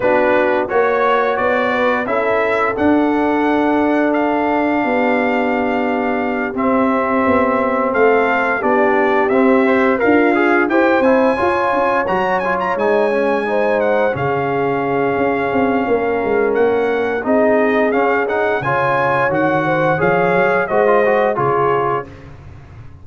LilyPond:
<<
  \new Staff \with { instrumentName = "trumpet" } { \time 4/4 \tempo 4 = 87 b'4 cis''4 d''4 e''4 | fis''2 f''2~ | f''4. e''2 f''8~ | f''8 d''4 e''4 f''4 g''8 |
gis''4. ais''8 gis''16 ais''16 gis''4. | fis''8 f''2.~ f''8 | fis''4 dis''4 f''8 fis''8 gis''4 | fis''4 f''4 dis''4 cis''4 | }
  \new Staff \with { instrumentName = "horn" } { \time 4/4 fis'4 cis''4. b'8 a'4~ | a'2. g'4~ | g'2.~ g'8 a'8~ | a'8 g'2 f'4 c''8~ |
c''8 cis''2. c''8~ | c''8 gis'2~ gis'8 ais'4~ | ais'4 gis'2 cis''4~ | cis''8 c''8 cis''4 c''4 gis'4 | }
  \new Staff \with { instrumentName = "trombone" } { \time 4/4 d'4 fis'2 e'4 | d'1~ | d'4. c'2~ c'8~ | c'8 d'4 c'8 c''8 ais'8 gis'8 g'8 |
e'8 f'4 fis'8 f'8 dis'8 cis'8 dis'8~ | dis'8 cis'2.~ cis'8~ | cis'4 dis'4 cis'8 dis'8 f'4 | fis'4 gis'4 fis'16 f'16 fis'8 f'4 | }
  \new Staff \with { instrumentName = "tuba" } { \time 4/4 b4 ais4 b4 cis'4 | d'2. b4~ | b4. c'4 b4 a8~ | a8 b4 c'4 d'4 e'8 |
c'8 f'8 cis'8 fis4 gis4.~ | gis8 cis4. cis'8 c'8 ais8 gis8 | ais4 c'4 cis'4 cis4 | dis4 f8 fis8 gis4 cis4 | }
>>